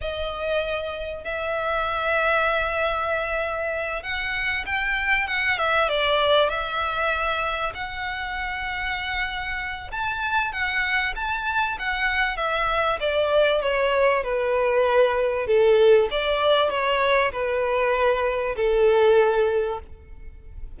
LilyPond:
\new Staff \with { instrumentName = "violin" } { \time 4/4 \tempo 4 = 97 dis''2 e''2~ | e''2~ e''8 fis''4 g''8~ | g''8 fis''8 e''8 d''4 e''4.~ | e''8 fis''2.~ fis''8 |
a''4 fis''4 a''4 fis''4 | e''4 d''4 cis''4 b'4~ | b'4 a'4 d''4 cis''4 | b'2 a'2 | }